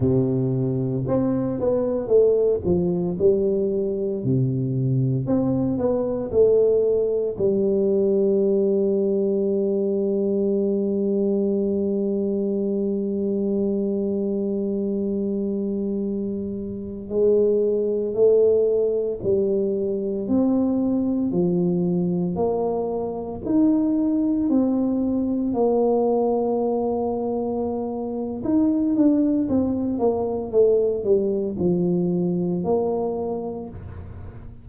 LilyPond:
\new Staff \with { instrumentName = "tuba" } { \time 4/4 \tempo 4 = 57 c4 c'8 b8 a8 f8 g4 | c4 c'8 b8 a4 g4~ | g1~ | g1~ |
g16 gis4 a4 g4 c'8.~ | c'16 f4 ais4 dis'4 c'8.~ | c'16 ais2~ ais8. dis'8 d'8 | c'8 ais8 a8 g8 f4 ais4 | }